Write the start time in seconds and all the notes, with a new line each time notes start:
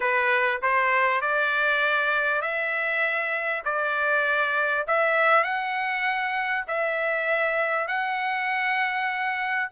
0.00 B4
0.62 C5
1.21 D5
2.41 E5
3.64 D5
4.87 E5
5.43 F#5
6.67 E5
7.87 F#5